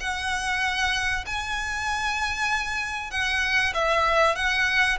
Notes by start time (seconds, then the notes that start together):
0.00 F#5
1.26 G#5
3.11 F#5
3.74 E5
4.36 F#5